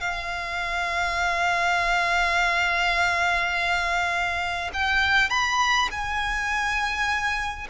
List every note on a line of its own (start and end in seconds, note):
0.00 4.71 F5
4.73 5.30 G5
5.30 5.89 B5
5.91 7.67 G#5